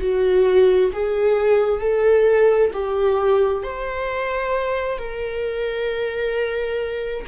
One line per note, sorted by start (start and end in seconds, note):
0.00 0.91 F#4
0.93 1.80 G#4
1.80 2.71 A4
2.73 3.63 G4
3.63 4.98 C5
4.98 7.25 A#4